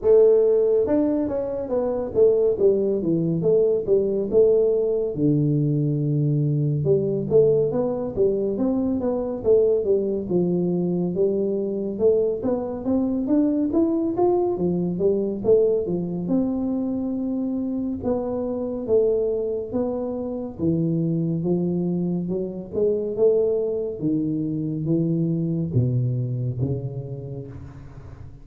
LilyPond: \new Staff \with { instrumentName = "tuba" } { \time 4/4 \tempo 4 = 70 a4 d'8 cis'8 b8 a8 g8 e8 | a8 g8 a4 d2 | g8 a8 b8 g8 c'8 b8 a8 g8 | f4 g4 a8 b8 c'8 d'8 |
e'8 f'8 f8 g8 a8 f8 c'4~ | c'4 b4 a4 b4 | e4 f4 fis8 gis8 a4 | dis4 e4 b,4 cis4 | }